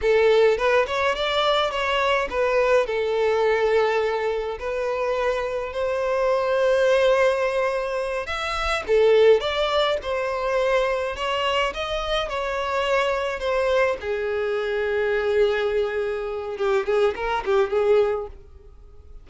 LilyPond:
\new Staff \with { instrumentName = "violin" } { \time 4/4 \tempo 4 = 105 a'4 b'8 cis''8 d''4 cis''4 | b'4 a'2. | b'2 c''2~ | c''2~ c''8 e''4 a'8~ |
a'8 d''4 c''2 cis''8~ | cis''8 dis''4 cis''2 c''8~ | c''8 gis'2.~ gis'8~ | gis'4 g'8 gis'8 ais'8 g'8 gis'4 | }